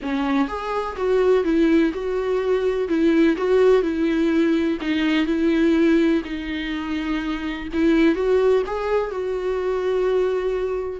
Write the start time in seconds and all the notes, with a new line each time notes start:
0.02 C#4
0.48 G#4
0.96 F#4
1.44 E4
1.93 F#4
2.88 E4
3.37 F#4
3.82 E4
4.81 D#4
5.26 E4
6.24 D#4
7.73 E4
8.15 F#4
8.66 G#4
9.10 F#4